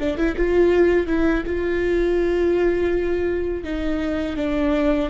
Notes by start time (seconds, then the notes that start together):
0.00 D4
0.18 E4
0.37 F4
1.07 E4
1.46 F4
3.64 D#4
4.37 D4